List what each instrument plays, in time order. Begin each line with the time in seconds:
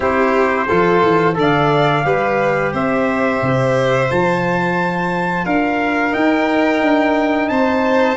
0.00 tuba C4, trombone E4, violin G4, trumpet C5
0.67 tuba F3, trombone F4, violin A4
1.03 tuba E3
1.34 tuba D3, trombone A4, violin D5
1.41 trumpet F5
2.04 tuba G3, trombone G4, violin B4
2.73 tuba C4, violin C5, trumpet E5
3.42 tuba C3
4.08 tuba F3, trombone F4, trumpet A5
5.44 tuba D4, violin A#4, trumpet F5
6.11 trombone D#4, tuba D#4, trumpet G5
6.81 tuba D4
7.49 tuba C4, violin C5, trumpet A5